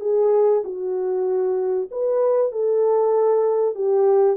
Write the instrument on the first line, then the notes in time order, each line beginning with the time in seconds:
horn
0.00 G#4
0.64 F#4
1.91 B4
2.51 A4
3.75 G4